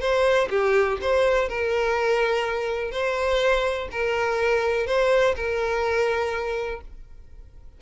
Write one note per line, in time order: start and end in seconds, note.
0.00 0.48 C5
0.49 0.98 G4
1.01 1.49 C5
1.49 2.91 A#4
2.91 3.88 C5
3.91 4.87 A#4
4.87 5.35 C5
5.36 6.81 A#4